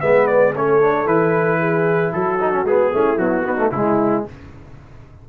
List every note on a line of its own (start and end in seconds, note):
0.00 0.55 G#3
0.00 0.54 B3
0.00 0.53 B4
0.00 0.27 E5
0.27 0.53 D5
0.53 1.06 A3
0.53 0.81 C#4
0.53 1.59 A4
0.53 1.07 C#5
0.81 1.06 D4
1.06 2.12 E3
1.06 2.39 E4
1.06 2.12 B4
1.59 2.12 G#4
2.12 2.64 F#3
2.12 2.92 F#4
2.12 2.65 A4
2.40 2.52 D#4
2.52 2.65 C#4
2.64 2.90 G#3
2.64 2.93 B3
2.64 3.18 G#4
2.93 3.19 A3
2.93 3.16 C#4
2.93 3.45 E4
3.16 3.43 F#3
3.16 3.71 B3
3.16 3.71 F#4
3.43 3.56 B3
3.43 3.72 D#4
3.58 3.71 A3
3.71 4.24 C#3
3.71 4.28 G#3
3.71 4.24 E4
3.71 4.25 E4